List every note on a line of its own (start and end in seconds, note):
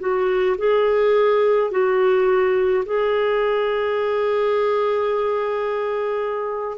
0.00 0.57 F#4
0.58 1.71 G#4
1.71 2.84 F#4
2.86 6.78 G#4